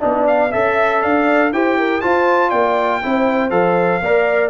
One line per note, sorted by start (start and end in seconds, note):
0.00 0.54 B3
0.00 0.50 D4
0.00 0.27 D#4
0.00 0.51 D5
0.27 0.52 F5
0.51 1.04 C#4
0.51 1.53 A4
0.51 1.01 E5
0.51 1.02 E5
1.02 1.52 D4
1.02 1.52 D5
1.02 1.52 F5
1.52 2.02 E4
1.52 2.02 G4
1.52 1.78 C5
1.52 2.01 G5
1.78 2.02 A#4
2.01 3.02 F4
2.01 2.52 F4
2.01 2.49 C5
2.01 2.50 A5
2.49 3.02 A#3
2.49 2.99 D5
2.49 3.50 G5
3.03 3.51 C4
3.03 3.51 E4
3.03 4.03 C5
3.51 4.01 F3
3.51 4.01 A4
3.51 4.50 F5
4.01 4.50 A#3
4.01 4.50 A#4
4.01 4.50 D5